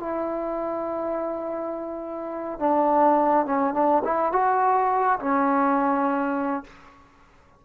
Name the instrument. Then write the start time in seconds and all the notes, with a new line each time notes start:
trombone
0.00 E4
2.59 D4
3.46 C#4
3.74 D4
4.04 E4
4.32 F#4
5.19 C#4